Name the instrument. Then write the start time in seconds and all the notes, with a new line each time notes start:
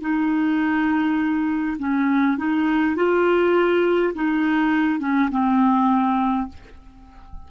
clarinet
0.00 D#4
1.78 C#4
2.37 D#4
2.96 F4
4.14 D#4
4.99 C#4
5.30 C4